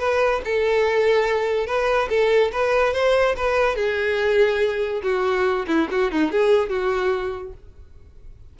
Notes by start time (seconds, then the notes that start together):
0.00 B4
0.45 A4
1.67 B4
2.10 A4
2.52 B4
2.94 C5
3.37 B4
3.76 G#4
5.03 F#4
5.68 E4
5.91 F#4
6.12 D#4
6.32 G#4
6.70 F#4